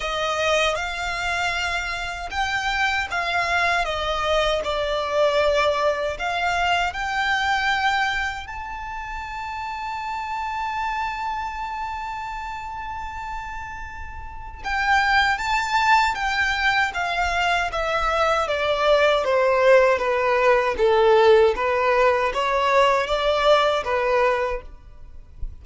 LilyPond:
\new Staff \with { instrumentName = "violin" } { \time 4/4 \tempo 4 = 78 dis''4 f''2 g''4 | f''4 dis''4 d''2 | f''4 g''2 a''4~ | a''1~ |
a''2. g''4 | a''4 g''4 f''4 e''4 | d''4 c''4 b'4 a'4 | b'4 cis''4 d''4 b'4 | }